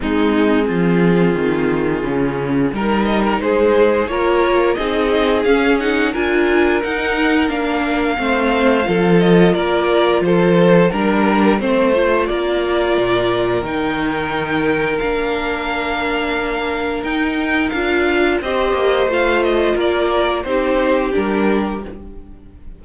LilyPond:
<<
  \new Staff \with { instrumentName = "violin" } { \time 4/4 \tempo 4 = 88 gis'1 | ais'4 c''4 cis''4 dis''4 | f''8 fis''8 gis''4 fis''4 f''4~ | f''4. dis''8 d''4 c''4 |
ais'4 c''4 d''2 | g''2 f''2~ | f''4 g''4 f''4 dis''4 | f''8 dis''8 d''4 c''4 ais'4 | }
  \new Staff \with { instrumentName = "violin" } { \time 4/4 dis'4 f'2. | ais'8 dis''16 ais'16 gis'4 ais'4 gis'4~ | gis'4 ais'2. | c''4 a'4 ais'4 a'4 |
ais'4 c''4 ais'2~ | ais'1~ | ais'2. c''4~ | c''4 ais'4 g'2 | }
  \new Staff \with { instrumentName = "viola" } { \time 4/4 c'2. cis'4 | dis'2 f'4 dis'4 | cis'8 dis'8 f'4 dis'4 d'4 | c'4 f'2. |
d'4 c'8 f'2~ f'8 | dis'2 d'2~ | d'4 dis'4 f'4 g'4 | f'2 dis'4 d'4 | }
  \new Staff \with { instrumentName = "cello" } { \time 4/4 gis4 f4 dis4 cis4 | g4 gis4 ais4 c'4 | cis'4 d'4 dis'4 ais4 | a4 f4 ais4 f4 |
g4 a4 ais4 ais,4 | dis2 ais2~ | ais4 dis'4 d'4 c'8 ais8 | a4 ais4 c'4 g4 | }
>>